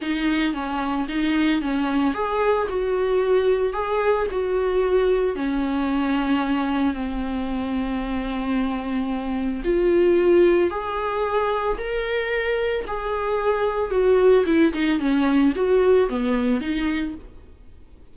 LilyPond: \new Staff \with { instrumentName = "viola" } { \time 4/4 \tempo 4 = 112 dis'4 cis'4 dis'4 cis'4 | gis'4 fis'2 gis'4 | fis'2 cis'2~ | cis'4 c'2.~ |
c'2 f'2 | gis'2 ais'2 | gis'2 fis'4 e'8 dis'8 | cis'4 fis'4 b4 dis'4 | }